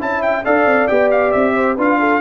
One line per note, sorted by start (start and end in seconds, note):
0.00 0.46 C#4
0.00 0.44 E4
0.00 0.45 E5
0.00 0.23 A5
0.23 0.45 G5
0.45 0.66 D4
0.45 0.89 A4
0.45 1.54 D5
0.45 0.88 F5
0.66 0.88 C4
0.88 1.35 B3
0.88 1.77 G4
0.88 1.10 G5
1.11 1.32 F5
1.32 1.78 C4
1.32 1.76 E5
1.54 1.76 C5
1.76 2.21 D4
1.76 2.21 F4
1.76 1.98 B4
1.76 2.21 F5
2.00 2.21 A4